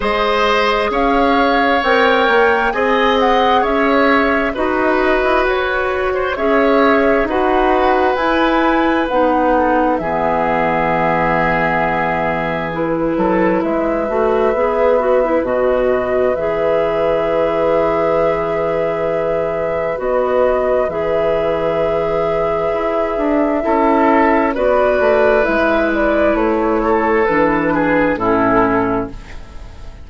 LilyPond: <<
  \new Staff \with { instrumentName = "flute" } { \time 4/4 \tempo 4 = 66 dis''4 f''4 g''4 gis''8 fis''8 | e''4 dis''4 cis''4 e''4 | fis''4 gis''4 fis''4 e''4~ | e''2 b'4 e''4~ |
e''4 dis''4 e''2~ | e''2 dis''4 e''4~ | e''2. d''4 | e''8 d''8 cis''4 b'4 a'4 | }
  \new Staff \with { instrumentName = "oboe" } { \time 4/4 c''4 cis''2 dis''4 | cis''4 b'4.~ b'16 c''16 cis''4 | b'2~ b'8 a'8 gis'4~ | gis'2~ gis'8 a'8 b'4~ |
b'1~ | b'1~ | b'2 a'4 b'4~ | b'4. a'4 gis'8 e'4 | }
  \new Staff \with { instrumentName = "clarinet" } { \time 4/4 gis'2 ais'4 gis'4~ | gis'4 fis'2 gis'4 | fis'4 e'4 dis'4 b4~ | b2 e'4. fis'8 |
gis'8 fis'16 e'16 fis'4 gis'2~ | gis'2 fis'4 gis'4~ | gis'2 e'4 fis'4 | e'2 d'4 cis'4 | }
  \new Staff \with { instrumentName = "bassoon" } { \time 4/4 gis4 cis'4 c'8 ais8 c'4 | cis'4 dis'8. e'16 fis'4 cis'4 | dis'4 e'4 b4 e4~ | e2~ e8 fis8 gis8 a8 |
b4 b,4 e2~ | e2 b4 e4~ | e4 e'8 d'8 cis'4 b8 a8 | gis4 a4 e4 a,4 | }
>>